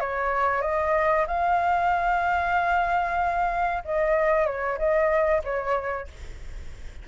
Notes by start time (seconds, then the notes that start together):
0.00 C#5
0.62 D#5
1.27 F5
3.85 D#5
4.46 C#5
4.78 D#5
5.44 C#5